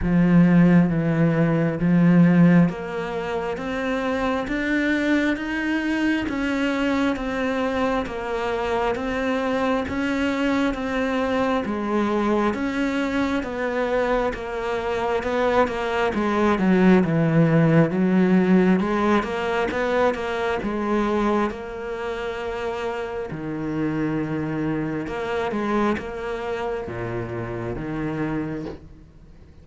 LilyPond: \new Staff \with { instrumentName = "cello" } { \time 4/4 \tempo 4 = 67 f4 e4 f4 ais4 | c'4 d'4 dis'4 cis'4 | c'4 ais4 c'4 cis'4 | c'4 gis4 cis'4 b4 |
ais4 b8 ais8 gis8 fis8 e4 | fis4 gis8 ais8 b8 ais8 gis4 | ais2 dis2 | ais8 gis8 ais4 ais,4 dis4 | }